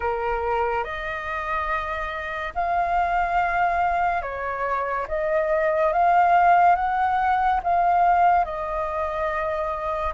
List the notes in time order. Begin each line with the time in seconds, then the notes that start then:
0.00 A#4
0.84 D#5
2.55 F5
4.21 C#5
5.08 D#5
5.92 F5
6.75 F#5
7.63 F5
8.44 D#5